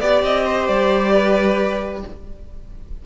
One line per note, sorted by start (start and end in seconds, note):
0.00 0.23 B3
0.00 2.06 G4
0.00 0.23 D5
0.00 0.45 D5
0.23 0.68 C4
0.23 0.67 D#5
0.45 1.12 C5
0.67 2.04 G3
0.67 2.03 D5
1.12 2.03 B4